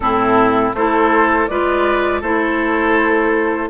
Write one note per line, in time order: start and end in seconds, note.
0.00 0.73 A2
0.00 0.75 C4
0.00 0.76 E4
0.00 0.71 A4
0.73 1.47 A3
0.73 1.49 E4
0.73 1.50 A4
0.73 1.47 C5
1.47 2.22 G#3
1.47 2.23 F4
1.47 2.20 B4
1.47 2.21 D5
2.20 3.69 A3
2.20 3.69 E4
2.20 3.68 A4
2.20 3.69 C5